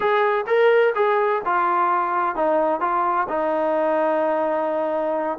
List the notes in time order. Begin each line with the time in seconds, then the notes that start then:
0.00 G#4
0.46 A#4
0.95 G#4
1.45 F4
2.35 D#4
2.80 F4
3.29 D#4